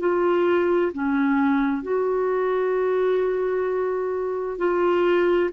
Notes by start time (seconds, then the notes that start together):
0.00 F4
0.93 C#4
1.83 F#4
4.58 F4